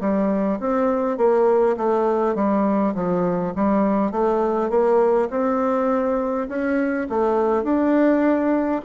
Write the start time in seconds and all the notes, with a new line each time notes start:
0.00 G3
0.59 C4
1.18 A#3
1.77 A3
2.35 G3
2.95 F3
3.56 G3
4.11 A3
4.70 A#3
5.30 C4
6.49 C#4
7.10 A3
7.64 D4